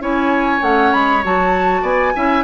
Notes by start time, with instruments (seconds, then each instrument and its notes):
0.00 bassoon C#4, clarinet E4, oboe C#5, flute G#5
0.60 bassoon A3, clarinet C#4, flute F#5
0.93 bassoon G#3, flute B5
1.24 bassoon F#3, clarinet F#4, flute A5
1.82 bassoon B3, oboe D5, flute G#5
2.15 bassoon C#4, clarinet E4, oboe E5